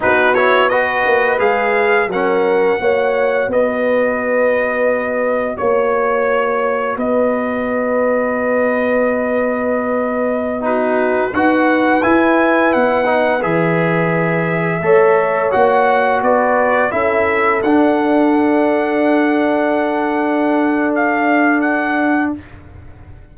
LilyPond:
<<
  \new Staff \with { instrumentName = "trumpet" } { \time 4/4 \tempo 4 = 86 b'8 cis''8 dis''4 f''4 fis''4~ | fis''4 dis''2. | cis''2 dis''2~ | dis''2.~ dis''16 b'8.~ |
b'16 fis''4 gis''4 fis''4 e''8.~ | e''2~ e''16 fis''4 d''8.~ | d''16 e''4 fis''2~ fis''8.~ | fis''2 f''4 fis''4 | }
  \new Staff \with { instrumentName = "horn" } { \time 4/4 fis'4 b'2 ais'4 | cis''4 b'2. | cis''2 b'2~ | b'2.~ b'16 fis'8.~ |
fis'16 b'2.~ b'8.~ | b'4~ b'16 cis''2 b'8.~ | b'16 a'2.~ a'8.~ | a'1 | }
  \new Staff \with { instrumentName = "trombone" } { \time 4/4 dis'8 e'8 fis'4 gis'4 cis'4 | fis'1~ | fis'1~ | fis'2.~ fis'16 dis'8.~ |
dis'16 fis'4 e'4. dis'8 gis'8.~ | gis'4~ gis'16 a'4 fis'4.~ fis'16~ | fis'16 e'4 d'2~ d'8.~ | d'1 | }
  \new Staff \with { instrumentName = "tuba" } { \time 4/4 b4. ais8 gis4 fis4 | ais4 b2. | ais2 b2~ | b1~ |
b16 dis'4 e'4 b4 e8.~ | e4~ e16 a4 ais4 b8.~ | b16 cis'4 d'2~ d'8.~ | d'1 | }
>>